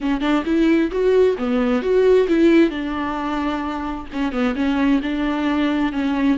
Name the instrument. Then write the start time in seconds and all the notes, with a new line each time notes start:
viola
0.00 C#4
0.20 D4
0.45 E4
0.91 F#4
1.38 B3
1.81 F#4
2.27 E4
2.70 D4
4.12 C#4
4.32 B3
4.55 C#4
5.02 D4
5.92 C#4